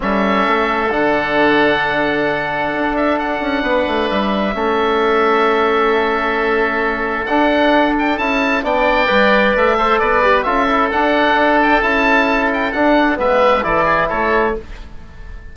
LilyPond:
<<
  \new Staff \with { instrumentName = "oboe" } { \time 4/4 \tempo 4 = 132 e''2 fis''2~ | fis''2~ fis''8 e''8 fis''4~ | fis''4 e''2.~ | e''1 |
fis''4. g''8 a''4 g''4~ | g''4 e''4 d''4 e''4 | fis''4. g''8 a''4. g''8 | fis''4 e''4 d''4 cis''4 | }
  \new Staff \with { instrumentName = "oboe" } { \time 4/4 a'1~ | a'1 | b'2 a'2~ | a'1~ |
a'2. d''4~ | d''4. c''8 b'4 a'4~ | a'1~ | a'4 b'4 a'8 gis'8 a'4 | }
  \new Staff \with { instrumentName = "trombone" } { \time 4/4 cis'2 d'2~ | d'1~ | d'2 cis'2~ | cis'1 |
d'2 e'4 d'4 | b'4. a'4 g'8 f'8 e'8 | d'2 e'2 | d'4 b4 e'2 | }
  \new Staff \with { instrumentName = "bassoon" } { \time 4/4 g4 a4 d2~ | d2 d'4. cis'8 | b8 a8 g4 a2~ | a1 |
d'2 cis'4 b4 | g4 a4 b4 cis'4 | d'2 cis'2 | d'4 gis4 e4 a4 | }
>>